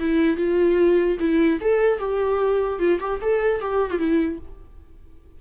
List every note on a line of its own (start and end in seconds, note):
0.00 0.37 E4
0.37 1.18 F4
1.20 1.60 E4
1.61 1.99 A4
1.99 2.79 G4
2.79 2.99 F4
3.00 3.20 G4
3.22 3.61 A4
3.61 3.91 G4
3.91 3.98 F4
3.98 4.39 E4